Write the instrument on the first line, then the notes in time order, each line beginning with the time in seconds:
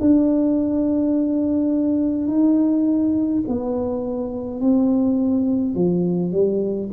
tuba
0.00 D4
2.27 D#4
3.48 B3
4.60 C4
5.75 F3
6.32 G3